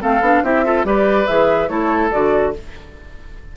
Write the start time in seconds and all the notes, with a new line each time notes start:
0.00 A3 C4 A4 F5
0.21 B3 D4
0.43 C4 E4 G4 E5
0.65 F4 A4
0.85 G3 G4 B4 D5
1.27 E3 G#4 E5
1.68 A3 E4 A4 C#5
2.11 D3 F#4 D5